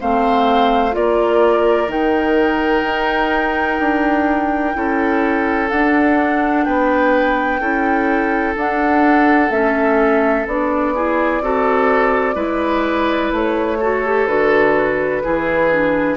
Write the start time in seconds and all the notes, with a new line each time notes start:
0.00 A3 C4 C5 F5
0.92 A#3 F4 A#4 D5
1.88 D#3 D#4 G5
2.84 D#4
3.79 D4
4.74 C#4 E4 A4
5.70 D4 F#5
6.64 B3 B4 G5
7.61 C#4 E4 A4
8.56 D4 F#5
9.50 A3 C#4 E5
10.47 B3 D4 D5
10.95 E4 G#4
11.41 C4 F#4 A4
12.35 G#3 E4 B4
13.32 A3 C#5
13.80 F#4 A4
14.05 G4
14.27 D3 F#4 B4
15.23 E3 E4 G#4
15.71 D4